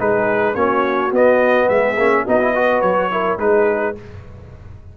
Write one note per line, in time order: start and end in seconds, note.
0.00 0.55 G#3
0.00 0.55 D#4
0.00 0.55 G#4
0.00 0.55 B4
0.55 1.12 A#3
0.55 1.12 C#4
0.55 1.69 F#4
0.55 1.12 C#5
1.12 1.68 B3
1.12 1.97 B3
1.12 1.69 D#5
1.69 1.97 G#3
1.69 2.24 G#4
1.69 2.26 E5
1.97 2.25 A#3
1.97 2.27 C#4
2.24 2.83 B3
2.24 2.41 D#4
2.24 2.53 F#4
2.24 2.81 D#5
2.41 2.55 E4
2.55 3.11 F#4
2.55 3.12 B4
2.81 3.39 F#3
2.81 3.38 C#5
3.11 3.39 E4
3.11 3.40 A#4
3.39 3.95 G#3
3.39 3.96 D#4
3.39 3.97 G#4
3.39 3.96 B4